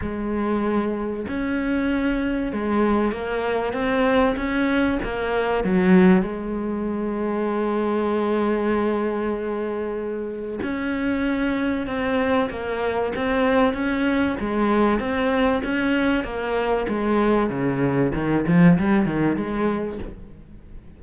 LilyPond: \new Staff \with { instrumentName = "cello" } { \time 4/4 \tempo 4 = 96 gis2 cis'2 | gis4 ais4 c'4 cis'4 | ais4 fis4 gis2~ | gis1~ |
gis4 cis'2 c'4 | ais4 c'4 cis'4 gis4 | c'4 cis'4 ais4 gis4 | cis4 dis8 f8 g8 dis8 gis4 | }